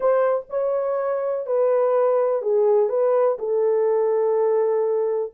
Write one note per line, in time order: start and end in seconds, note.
0.00 0.45 C5
0.49 1.46 C#5
1.46 2.41 B4
2.41 2.89 G#4
2.89 3.37 B4
3.38 5.32 A4